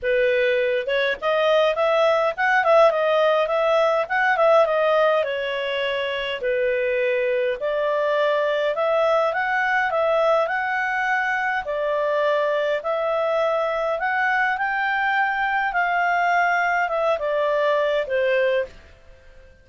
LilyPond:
\new Staff \with { instrumentName = "clarinet" } { \time 4/4 \tempo 4 = 103 b'4. cis''8 dis''4 e''4 | fis''8 e''8 dis''4 e''4 fis''8 e''8 | dis''4 cis''2 b'4~ | b'4 d''2 e''4 |
fis''4 e''4 fis''2 | d''2 e''2 | fis''4 g''2 f''4~ | f''4 e''8 d''4. c''4 | }